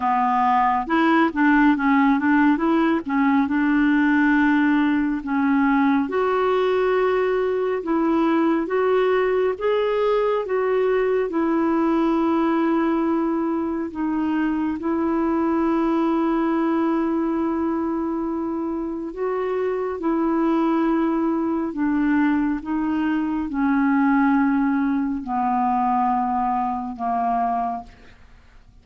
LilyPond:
\new Staff \with { instrumentName = "clarinet" } { \time 4/4 \tempo 4 = 69 b4 e'8 d'8 cis'8 d'8 e'8 cis'8 | d'2 cis'4 fis'4~ | fis'4 e'4 fis'4 gis'4 | fis'4 e'2. |
dis'4 e'2.~ | e'2 fis'4 e'4~ | e'4 d'4 dis'4 cis'4~ | cis'4 b2 ais4 | }